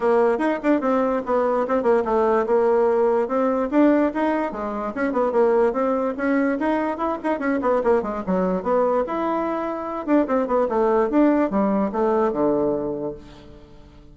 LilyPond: \new Staff \with { instrumentName = "bassoon" } { \time 4/4 \tempo 4 = 146 ais4 dis'8 d'8 c'4 b4 | c'8 ais8 a4 ais2 | c'4 d'4 dis'4 gis4 | cis'8 b8 ais4 c'4 cis'4 |
dis'4 e'8 dis'8 cis'8 b8 ais8 gis8 | fis4 b4 e'2~ | e'8 d'8 c'8 b8 a4 d'4 | g4 a4 d2 | }